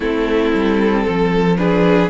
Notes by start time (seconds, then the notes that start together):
0.00 A3 C4 E4 A4
0.54 G3
1.04 F3 A4
1.57 D4 G#4 B4